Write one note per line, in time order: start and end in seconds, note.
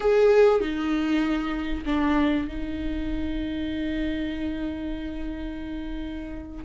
0.00 0.60 G#4
0.60 1.84 D#4
1.85 2.47 D4
2.47 6.64 D#4